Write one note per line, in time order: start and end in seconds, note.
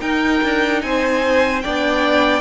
0.00 1.62 D#4
0.00 0.41 D#4
0.00 0.82 A#4
0.00 0.81 G5
0.43 0.82 D4
0.81 1.64 C4
0.81 1.63 C5
0.81 1.61 G#5
1.61 2.40 B3
1.61 2.40 D4
1.61 2.40 D5
1.61 2.40 G5